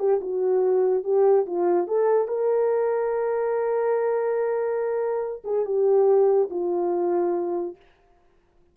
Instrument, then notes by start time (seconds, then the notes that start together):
horn
0.00 G4
0.21 F#4
1.04 G4
1.47 F4
1.88 A4
2.28 A#4
5.45 G#4
5.66 G4
6.51 F4